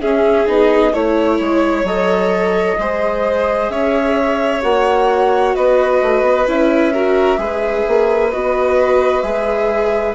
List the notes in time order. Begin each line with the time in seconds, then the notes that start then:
0.00 C#4 G#4 E5
0.46 B3 D#4 D#5
0.92 A3 E4 C#5
1.39 G#3
1.83 F#3 A4 D#5
2.78 G#3 G#4 C5
3.69 C#4 C#5 E5
4.61 A#3 F#4 F#5
5.54 B3 B4 D#5
6.02 A3
6.21 B3
6.47 C#4 E4 E5
6.92 F#4 A#4
7.37 G#3 G#4 B4
7.87 A#3
8.31 B3 F#4 D#5
9.21 G#3 G#4 E5